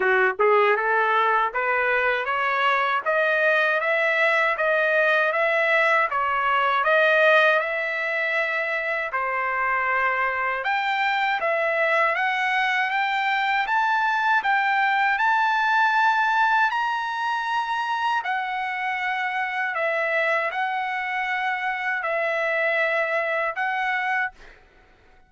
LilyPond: \new Staff \with { instrumentName = "trumpet" } { \time 4/4 \tempo 4 = 79 fis'8 gis'8 a'4 b'4 cis''4 | dis''4 e''4 dis''4 e''4 | cis''4 dis''4 e''2 | c''2 g''4 e''4 |
fis''4 g''4 a''4 g''4 | a''2 ais''2 | fis''2 e''4 fis''4~ | fis''4 e''2 fis''4 | }